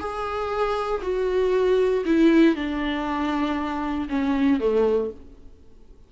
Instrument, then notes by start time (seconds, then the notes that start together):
viola
0.00 G#4
1.03 F#4
2.06 E4
2.56 D4
4.10 C#4
4.60 A3